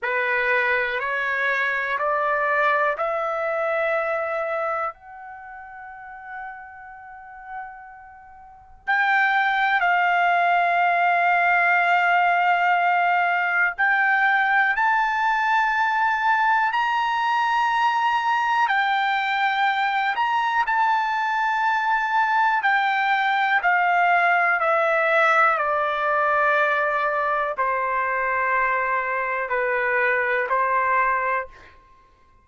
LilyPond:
\new Staff \with { instrumentName = "trumpet" } { \time 4/4 \tempo 4 = 61 b'4 cis''4 d''4 e''4~ | e''4 fis''2.~ | fis''4 g''4 f''2~ | f''2 g''4 a''4~ |
a''4 ais''2 g''4~ | g''8 ais''8 a''2 g''4 | f''4 e''4 d''2 | c''2 b'4 c''4 | }